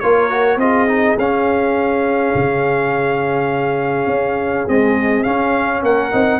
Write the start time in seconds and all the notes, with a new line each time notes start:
0.00 A#3 F4 A#4 C#5
0.30 F#4
0.56 C4 F4 G#4 D#5
0.88 D#4
1.17 C#4 F5
2.34 C#3
4.07 C#4
4.68 G#3 C4 D#5
5.23 C#4 F5
5.83 A#3 A#4 F#5
6.11 C4 D#4